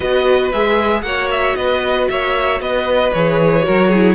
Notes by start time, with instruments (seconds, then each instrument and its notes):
0.00 cello B3, viola F#4, violin B4 D#5
0.52 cello G#3, viola G#4, violin E5
1.01 cello A#3, viola F#4, violin C#5 F#5
1.30 violin E5
1.55 cello B3, violin B4 D#5
2.08 cello A#3, violin C#5 E5
2.60 cello B3, violin B4 D#5
3.12 cello E3, viola G#4, violin C#5
3.62 cello F#3, viola F#4, violin A#4
3.88 viola E4, violin G#4